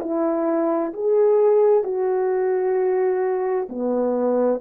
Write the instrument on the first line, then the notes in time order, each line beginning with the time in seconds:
horn
0.00 E4
0.93 G#4
1.83 F#4
3.69 B3